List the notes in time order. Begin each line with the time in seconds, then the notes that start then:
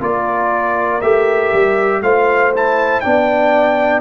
0.00 A#3 F4 A#4 D5
1.01 A3 G4 E5
1.52 G3
2.01 A3 F4 C5 F5
2.54 E4 A5
3.00 B3 D4 D5 G5